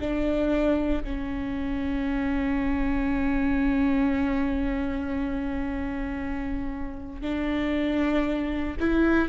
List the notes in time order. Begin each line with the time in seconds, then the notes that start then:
0.00 D4
1.04 C#4
7.21 D4
8.80 E4